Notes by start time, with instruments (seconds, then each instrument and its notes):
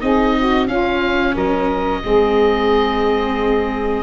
0.00 tuba C4, viola D#4, saxophone G#4, oboe D#5
0.37 saxophone F#4
0.67 viola C#4, tuba C#4, saxophone F4, oboe F5
1.33 tuba F#3, saxophone A#4, oboe D#5
2.04 tuba G#3, viola C4, saxophone G#4